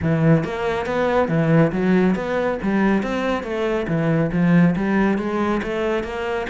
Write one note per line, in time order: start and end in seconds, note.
0.02 0.44 E3
0.44 0.86 A#3
0.86 1.28 B3
1.28 1.71 E3
1.71 2.15 F#3
2.15 2.58 B3
2.62 3.02 G3
3.02 3.43 C4
3.43 3.86 A3
3.87 4.30 E3
4.32 4.75 F3
4.75 5.18 G3
5.18 5.61 G#3
5.62 6.03 A3
6.03 6.46 A#3